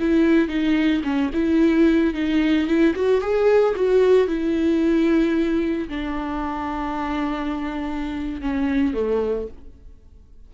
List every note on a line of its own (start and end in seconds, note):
0.00 0.48 E4
0.48 1.02 D#4
1.04 1.31 C#4
1.34 2.14 E4
2.14 2.67 D#4
2.67 2.94 E4
2.95 3.21 F#4
3.21 3.75 G#4
3.75 4.28 F#4
4.28 5.89 E4
5.89 8.42 D4
8.42 8.94 C#4
8.94 9.48 A3